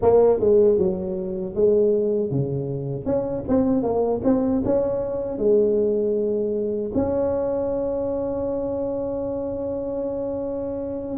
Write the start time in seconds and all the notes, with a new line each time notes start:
0.02 A#3
0.40 G#3
0.77 F#3
1.55 G#3
2.30 C#3
3.05 C#4
3.48 C4
3.83 A#3
4.23 C4
4.65 C#4
5.37 G#3
6.94 C#4